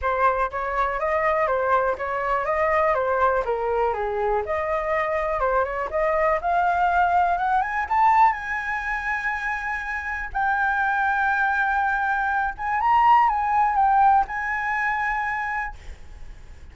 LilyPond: \new Staff \with { instrumentName = "flute" } { \time 4/4 \tempo 4 = 122 c''4 cis''4 dis''4 c''4 | cis''4 dis''4 c''4 ais'4 | gis'4 dis''2 c''8 cis''8 | dis''4 f''2 fis''8 gis''8 |
a''4 gis''2.~ | gis''4 g''2.~ | g''4. gis''8 ais''4 gis''4 | g''4 gis''2. | }